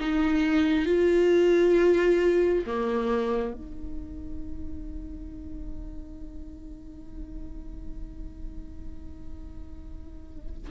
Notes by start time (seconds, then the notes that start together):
0.00 D#4
0.86 F4
2.67 A#3
3.54 D#4